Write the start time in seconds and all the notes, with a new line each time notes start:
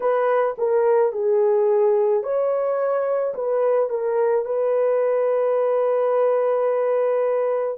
0.00 B4
0.58 A#4
1.12 G#4
2.23 C#5
3.34 B4
3.89 A#4
4.45 B4